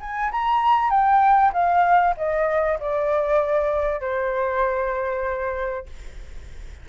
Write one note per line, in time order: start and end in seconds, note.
0.00 0.31 G#5
0.31 0.90 A#5
0.90 1.52 G5
1.53 2.15 F5
2.16 2.78 D#5
2.79 4.00 D5
4.00 5.86 C5